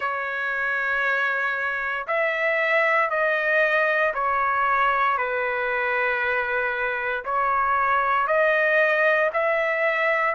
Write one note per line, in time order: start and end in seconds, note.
0.00 2.06 C#5
2.07 3.09 E5
3.09 4.13 D#5
4.14 5.17 C#5
5.17 7.24 B4
7.24 8.27 C#5
8.27 9.30 D#5
9.33 10.34 E5